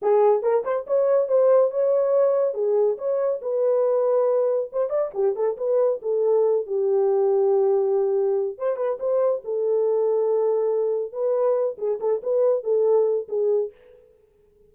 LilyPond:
\new Staff \with { instrumentName = "horn" } { \time 4/4 \tempo 4 = 140 gis'4 ais'8 c''8 cis''4 c''4 | cis''2 gis'4 cis''4 | b'2. c''8 d''8 | g'8 a'8 b'4 a'4. g'8~ |
g'1 | c''8 b'8 c''4 a'2~ | a'2 b'4. gis'8 | a'8 b'4 a'4. gis'4 | }